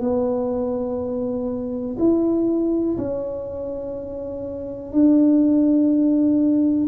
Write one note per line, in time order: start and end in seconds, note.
0.00 1.97 B3
1.99 2.97 E4
2.98 4.92 C#4
4.92 6.88 D4